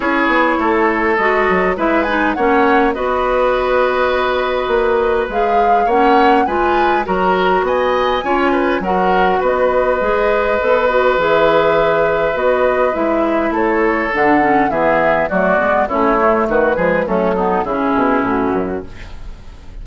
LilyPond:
<<
  \new Staff \with { instrumentName = "flute" } { \time 4/4 \tempo 4 = 102 cis''2 dis''4 e''8 gis''8 | fis''4 dis''2.~ | dis''4 f''4 fis''4 gis''4 | ais''4 gis''2 fis''4 |
dis''2. e''4~ | e''4 dis''4 e''4 cis''4 | fis''4 e''4 d''4 cis''4 | b'4 a'4 gis'4 fis'4 | }
  \new Staff \with { instrumentName = "oboe" } { \time 4/4 gis'4 a'2 b'4 | cis''4 b'2.~ | b'2 cis''4 b'4 | ais'4 dis''4 cis''8 b'8 ais'4 |
b'1~ | b'2. a'4~ | a'4 gis'4 fis'4 e'4 | fis'8 gis'8 cis'8 dis'8 e'2 | }
  \new Staff \with { instrumentName = "clarinet" } { \time 4/4 e'2 fis'4 e'8 dis'8 | cis'4 fis'2.~ | fis'4 gis'4 cis'4 f'4 | fis'2 f'4 fis'4~ |
fis'4 gis'4 a'8 fis'8 gis'4~ | gis'4 fis'4 e'2 | d'8 cis'8 b4 a8 b8 cis'8 a8~ | a8 gis8 a8 b8 cis'2 | }
  \new Staff \with { instrumentName = "bassoon" } { \time 4/4 cis'8 b8 a4 gis8 fis8 gis4 | ais4 b2. | ais4 gis4 ais4 gis4 | fis4 b4 cis'4 fis4 |
b4 gis4 b4 e4~ | e4 b4 gis4 a4 | d4 e4 fis8 gis8 a4 | dis8 f8 fis4 cis8 b,8 a,8 fis,8 | }
>>